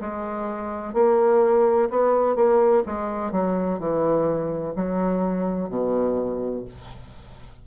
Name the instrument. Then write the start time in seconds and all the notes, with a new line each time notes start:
bassoon
0.00 G#3
0.94 A#3
1.90 B3
2.35 A#3
2.86 G#3
3.32 F#3
3.79 E3
4.75 F#3
5.69 B2